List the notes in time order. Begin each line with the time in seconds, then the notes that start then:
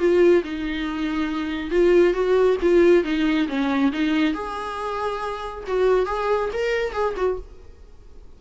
0.00 F4
0.44 D#4
1.71 F4
2.14 F#4
2.62 F4
3.04 D#4
3.49 C#4
3.92 D#4
4.34 G#4
5.67 F#4
6.06 G#4
6.54 A#4
6.93 G#4
7.17 F#4